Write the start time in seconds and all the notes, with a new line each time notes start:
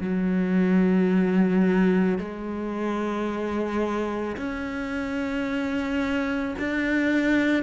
0.00 F#3
2.18 G#3
4.36 C#4
6.59 D4